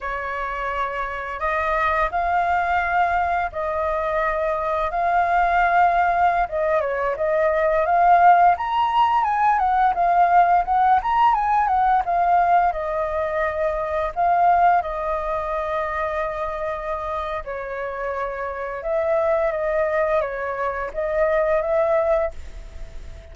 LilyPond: \new Staff \with { instrumentName = "flute" } { \time 4/4 \tempo 4 = 86 cis''2 dis''4 f''4~ | f''4 dis''2 f''4~ | f''4~ f''16 dis''8 cis''8 dis''4 f''8.~ | f''16 ais''4 gis''8 fis''8 f''4 fis''8 ais''16~ |
ais''16 gis''8 fis''8 f''4 dis''4.~ dis''16~ | dis''16 f''4 dis''2~ dis''8.~ | dis''4 cis''2 e''4 | dis''4 cis''4 dis''4 e''4 | }